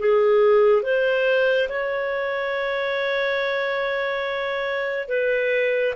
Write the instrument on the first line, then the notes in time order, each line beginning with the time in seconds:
clarinet
0.00 G#4
0.83 C5
1.69 C#5
5.08 B4